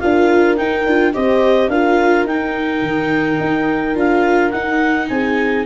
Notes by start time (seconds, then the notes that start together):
0.00 D4 F4 A#4 F5
0.57 D#4 G5
0.86 D4 F4
1.14 C4 G4 C5 D#5
1.68 D4 F4 A#4 F5
2.25 D#4 G5
2.83 D#3
3.40 D#4
3.95 D4 F4 F5
4.51 D#4 F#5
5.08 C4 G#4 G#5